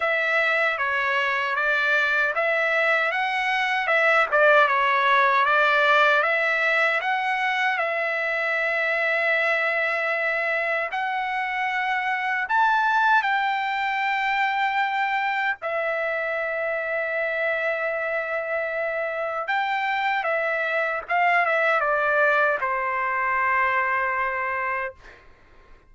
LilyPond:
\new Staff \with { instrumentName = "trumpet" } { \time 4/4 \tempo 4 = 77 e''4 cis''4 d''4 e''4 | fis''4 e''8 d''8 cis''4 d''4 | e''4 fis''4 e''2~ | e''2 fis''2 |
a''4 g''2. | e''1~ | e''4 g''4 e''4 f''8 e''8 | d''4 c''2. | }